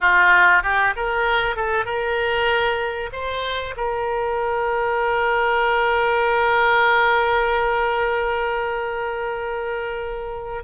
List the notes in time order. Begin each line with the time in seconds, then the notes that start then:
0.00 F4
0.62 G4
0.95 A#4
1.56 A4
1.85 A#4
3.12 C5
3.77 A#4